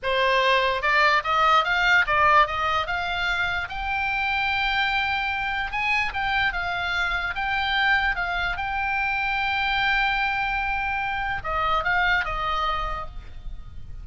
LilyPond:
\new Staff \with { instrumentName = "oboe" } { \time 4/4 \tempo 4 = 147 c''2 d''4 dis''4 | f''4 d''4 dis''4 f''4~ | f''4 g''2.~ | g''2 gis''4 g''4 |
f''2 g''2 | f''4 g''2.~ | g''1 | dis''4 f''4 dis''2 | }